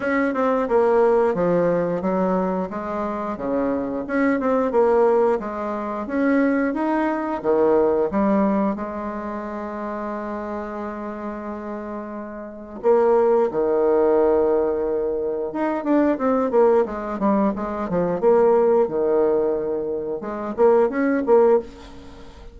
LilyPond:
\new Staff \with { instrumentName = "bassoon" } { \time 4/4 \tempo 4 = 89 cis'8 c'8 ais4 f4 fis4 | gis4 cis4 cis'8 c'8 ais4 | gis4 cis'4 dis'4 dis4 | g4 gis2.~ |
gis2. ais4 | dis2. dis'8 d'8 | c'8 ais8 gis8 g8 gis8 f8 ais4 | dis2 gis8 ais8 cis'8 ais8 | }